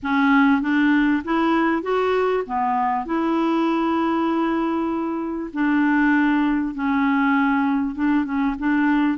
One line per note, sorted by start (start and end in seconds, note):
0.03 0.61 C#4
0.61 1.22 D4
1.24 1.82 E4
1.82 2.43 F#4
2.46 3.05 B3
3.05 5.50 E4
5.53 6.74 D4
6.74 7.95 C#4
7.95 8.24 D4
8.24 8.55 C#4
8.58 9.18 D4